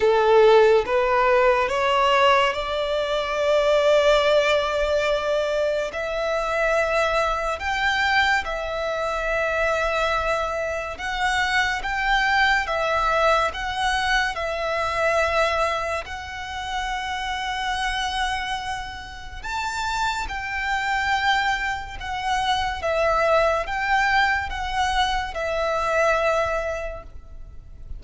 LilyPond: \new Staff \with { instrumentName = "violin" } { \time 4/4 \tempo 4 = 71 a'4 b'4 cis''4 d''4~ | d''2. e''4~ | e''4 g''4 e''2~ | e''4 fis''4 g''4 e''4 |
fis''4 e''2 fis''4~ | fis''2. a''4 | g''2 fis''4 e''4 | g''4 fis''4 e''2 | }